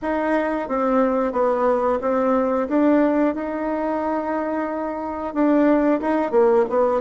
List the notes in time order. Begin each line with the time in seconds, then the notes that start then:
0.02 D#4
0.68 C4
1.32 B3
2.01 C4
2.68 D4
3.34 D#4
5.33 D4
6.00 D#4
6.31 A#3
6.69 B3